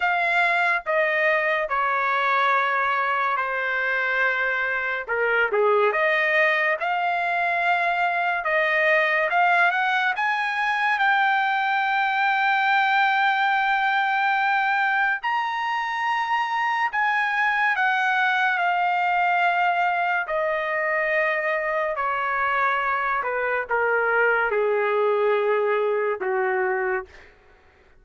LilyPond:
\new Staff \with { instrumentName = "trumpet" } { \time 4/4 \tempo 4 = 71 f''4 dis''4 cis''2 | c''2 ais'8 gis'8 dis''4 | f''2 dis''4 f''8 fis''8 | gis''4 g''2.~ |
g''2 ais''2 | gis''4 fis''4 f''2 | dis''2 cis''4. b'8 | ais'4 gis'2 fis'4 | }